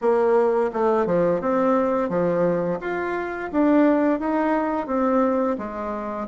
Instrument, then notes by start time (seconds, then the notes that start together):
bassoon
0.01 A#3
0.73 A3
1.06 F3
1.40 C4
2.09 F3
2.80 F4
3.52 D4
4.19 D#4
4.86 C4
5.58 G#3